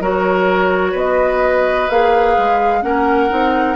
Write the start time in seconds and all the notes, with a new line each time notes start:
0.00 F#3 F#4 A#4 C#5
0.92 B3 B4 D#5
1.90 A#3 G#4 F5
2.38 G#3
2.82 A#3 C#4 A#4 F#5
3.29 C4 D#4